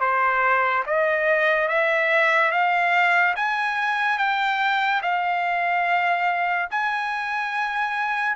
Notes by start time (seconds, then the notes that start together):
0.00 C5
0.86 D#5
1.68 E5
2.51 F5
3.36 G#5
4.18 G5
5.02 F5
6.70 G#5